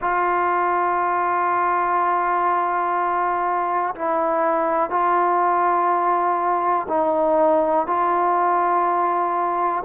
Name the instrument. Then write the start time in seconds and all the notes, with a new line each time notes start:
trombone
0.01 F4
3.95 E4
4.90 F4
6.88 D#4
7.86 F4